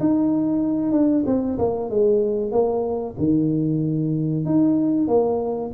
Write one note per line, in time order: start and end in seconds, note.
0.00 0.92 D#4
0.92 1.24 D4
1.26 1.58 C4
1.58 1.90 A#3
1.90 2.52 G#3
2.52 3.15 A#3
3.18 4.45 D#3
4.45 5.07 D#4
5.07 5.71 A#3